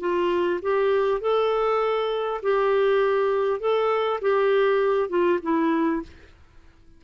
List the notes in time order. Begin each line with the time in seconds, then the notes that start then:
0.00 F4
0.62 G4
1.21 A4
2.42 G4
3.60 A4
4.21 G4
5.09 F4
5.42 E4